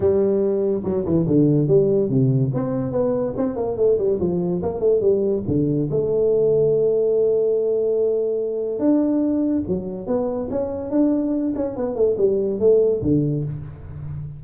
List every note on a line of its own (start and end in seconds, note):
0.00 0.82 G3
0.84 1.05 F#3
1.05 1.26 E3
1.27 1.67 D3
1.67 2.09 G3
2.09 2.51 C3
2.53 2.91 C4
2.91 3.33 B3
3.36 3.55 C4
3.55 3.76 A#3
3.76 3.97 A3
3.97 4.18 G3
4.19 4.61 F3
4.62 4.80 A#3
4.80 5.00 A3
5.00 5.42 G3
5.47 5.89 D3
5.90 8.79 A3
8.79 9.63 D4
9.67 10.06 F#3
10.06 10.48 B3
10.50 10.90 C#4
10.90 11.53 D4
11.55 11.76 C#4
11.76 11.95 B3
11.95 12.16 A3
12.17 12.59 G3
12.59 13.01 A3
13.02 13.44 D3